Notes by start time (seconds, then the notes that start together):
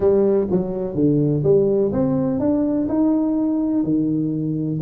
0.00 G3
0.51 F#3
0.94 D3
1.43 G3
1.92 C4
2.39 D4
2.88 D#4
3.83 D#3